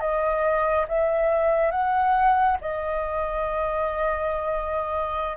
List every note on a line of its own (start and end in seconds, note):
0.00 0.86 D#5
0.88 1.71 E5
1.71 2.57 F#5
2.61 5.37 D#5